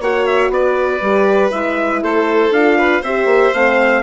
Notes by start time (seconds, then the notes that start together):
0.00 A#3 F#4 C#5 F#5
0.26 E5
0.49 B3 B4 D5
1.01 G3 G4
1.50 G#3 E4 E5
2.02 A3 A4 C5
2.50 D4 F4 F5
2.78 B4
3.01 C4 G4 C5 E5
3.25 A#3
3.53 A3 C4 F5